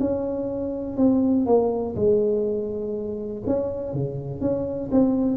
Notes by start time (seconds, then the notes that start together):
0.00 C#4
0.97 C4
1.46 A#3
1.96 G#3
3.46 C#4
3.93 C#3
4.41 C#4
4.92 C4